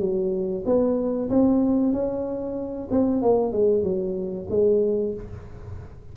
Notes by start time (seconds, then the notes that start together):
0.00 F#3
0.66 B3
1.30 C4
1.93 C#4
2.91 C4
3.22 A#3
3.53 G#3
3.84 F#3
4.51 G#3